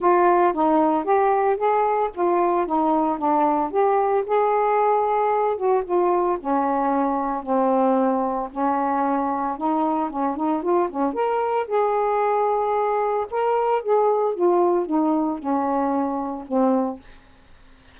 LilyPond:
\new Staff \with { instrumentName = "saxophone" } { \time 4/4 \tempo 4 = 113 f'4 dis'4 g'4 gis'4 | f'4 dis'4 d'4 g'4 | gis'2~ gis'8 fis'8 f'4 | cis'2 c'2 |
cis'2 dis'4 cis'8 dis'8 | f'8 cis'8 ais'4 gis'2~ | gis'4 ais'4 gis'4 f'4 | dis'4 cis'2 c'4 | }